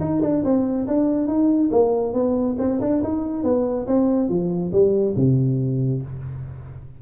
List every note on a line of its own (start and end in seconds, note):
0.00 0.21 D#4
0.22 0.43 D4
0.44 0.87 C4
0.87 1.27 D4
1.27 1.70 D#4
1.71 2.13 A#3
2.13 2.56 B3
2.59 2.80 C4
2.81 3.02 D4
3.03 3.44 D#4
3.44 3.86 B3
3.87 4.29 C4
4.29 4.72 F3
4.72 5.15 G3
5.16 6.02 C3